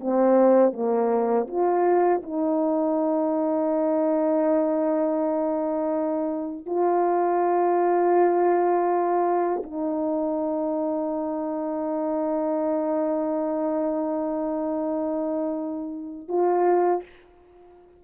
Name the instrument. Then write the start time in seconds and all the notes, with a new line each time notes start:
horn
0.00 C4
0.73 A#3
1.47 F4
2.23 D#4
6.66 F4
9.63 D#4
16.28 F4